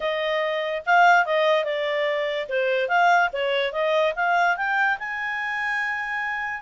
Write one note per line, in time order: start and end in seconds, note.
0.00 0.83 D#5
0.85 1.25 F5
1.25 1.64 D#5
1.64 2.47 D5
2.48 2.88 C5
2.88 3.29 F5
3.32 3.72 C#5
3.72 4.13 D#5
4.15 4.56 F5
4.56 4.98 G5
4.98 6.61 G#5